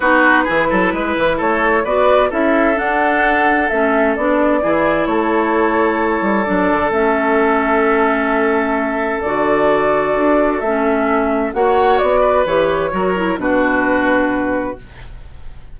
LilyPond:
<<
  \new Staff \with { instrumentName = "flute" } { \time 4/4 \tempo 4 = 130 b'2. cis''4 | d''4 e''4 fis''2 | e''4 d''2 cis''4~ | cis''2 d''4 e''4~ |
e''1 | d''2. e''4~ | e''4 fis''4 d''4 cis''4~ | cis''4 b'2. | }
  \new Staff \with { instrumentName = "oboe" } { \time 4/4 fis'4 gis'8 a'8 b'4 a'4 | b'4 a'2.~ | a'2 gis'4 a'4~ | a'1~ |
a'1~ | a'1~ | a'4 cis''4. b'4. | ais'4 fis'2. | }
  \new Staff \with { instrumentName = "clarinet" } { \time 4/4 dis'4 e'2. | fis'4 e'4 d'2 | cis'4 d'4 e'2~ | e'2 d'4 cis'4~ |
cis'1 | fis'2. cis'4~ | cis'4 fis'2 g'4 | fis'8 e'8 d'2. | }
  \new Staff \with { instrumentName = "bassoon" } { \time 4/4 b4 e8 fis8 gis8 e8 a4 | b4 cis'4 d'2 | a4 b4 e4 a4~ | a4. g8 fis8 d8 a4~ |
a1 | d2 d'4 a4~ | a4 ais4 b4 e4 | fis4 b,2. | }
>>